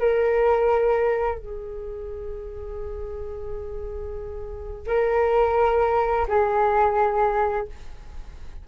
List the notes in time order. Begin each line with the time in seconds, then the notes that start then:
0.00 A#4
1.39 G#4
4.87 A#4
6.28 G#4